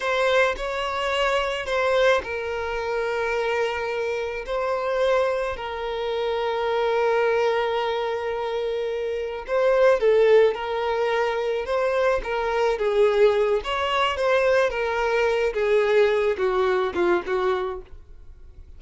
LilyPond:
\new Staff \with { instrumentName = "violin" } { \time 4/4 \tempo 4 = 108 c''4 cis''2 c''4 | ais'1 | c''2 ais'2~ | ais'1~ |
ais'4 c''4 a'4 ais'4~ | ais'4 c''4 ais'4 gis'4~ | gis'8 cis''4 c''4 ais'4. | gis'4. fis'4 f'8 fis'4 | }